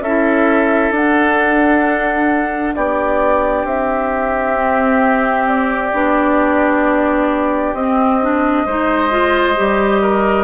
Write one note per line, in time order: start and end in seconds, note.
0.00 0.91 C#4
0.00 0.95 E4
0.00 2.75 A4
0.00 0.92 E5
0.91 2.72 D4
0.91 4.55 D4
0.91 2.74 F#5
2.74 3.64 B3
2.74 8.65 G4
2.74 3.65 D5
3.64 5.91 C4
3.64 5.47 E5
4.55 5.91 C4
5.47 7.74 D5
5.93 7.73 B3
5.93 7.75 D4
7.73 8.64 C4
7.73 8.21 C4
7.73 10.44 D#5
8.21 8.67 D4
8.65 9.56 G#3
8.65 9.09 D#4
8.65 10.01 C5
9.09 9.55 F4
9.55 10.44 G3
9.55 10.44 G4
10.01 10.44 A#4